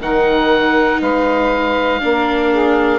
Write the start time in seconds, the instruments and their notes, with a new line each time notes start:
0.00 bassoon D#3, viola D#4, saxophone A#4, oboe F#5
1.01 bassoon G#3, saxophone B4, oboe F5
2.01 bassoon A#3, viola D4, saxophone A#4
2.51 saxophone G#4